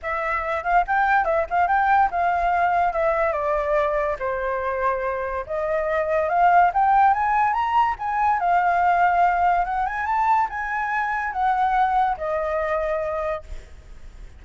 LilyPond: \new Staff \with { instrumentName = "flute" } { \time 4/4 \tempo 4 = 143 e''4. f''8 g''4 e''8 f''8 | g''4 f''2 e''4 | d''2 c''2~ | c''4 dis''2 f''4 |
g''4 gis''4 ais''4 gis''4 | f''2. fis''8 gis''8 | a''4 gis''2 fis''4~ | fis''4 dis''2. | }